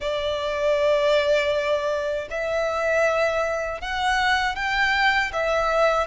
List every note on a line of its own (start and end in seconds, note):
0.00 2.28 D5
2.30 3.81 E5
3.81 4.55 F#5
4.55 5.31 G5
5.32 6.07 E5